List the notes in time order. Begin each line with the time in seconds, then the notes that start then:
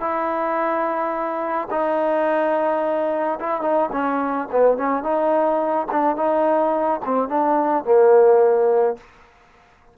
0.00 E4
1.71 D#4
3.40 E4
3.61 D#4
3.92 C#4
4.51 B3
4.77 C#4
5.03 D#4
5.91 D4
6.16 D#4
7.05 C4
7.28 D4
7.85 A#3